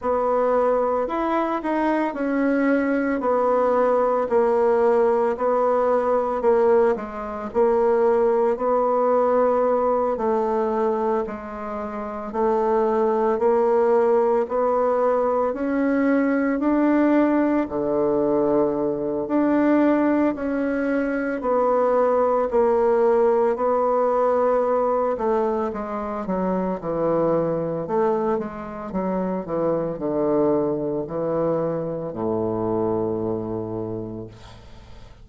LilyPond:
\new Staff \with { instrumentName = "bassoon" } { \time 4/4 \tempo 4 = 56 b4 e'8 dis'8 cis'4 b4 | ais4 b4 ais8 gis8 ais4 | b4. a4 gis4 a8~ | a8 ais4 b4 cis'4 d'8~ |
d'8 d4. d'4 cis'4 | b4 ais4 b4. a8 | gis8 fis8 e4 a8 gis8 fis8 e8 | d4 e4 a,2 | }